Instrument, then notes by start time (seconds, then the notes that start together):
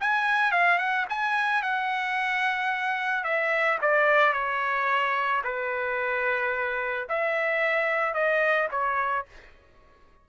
trumpet
0.00 G#5
0.51 F5
0.78 F#5
1.09 G#5
1.62 F#5
3.24 E5
3.81 D5
4.33 C#5
5.44 B4
7.09 E5
8.14 D#5
8.71 C#5